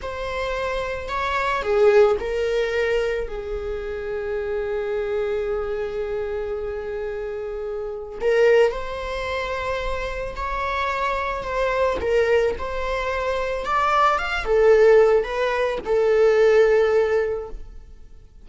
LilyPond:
\new Staff \with { instrumentName = "viola" } { \time 4/4 \tempo 4 = 110 c''2 cis''4 gis'4 | ais'2 gis'2~ | gis'1~ | gis'2. ais'4 |
c''2. cis''4~ | cis''4 c''4 ais'4 c''4~ | c''4 d''4 f''8 a'4. | b'4 a'2. | }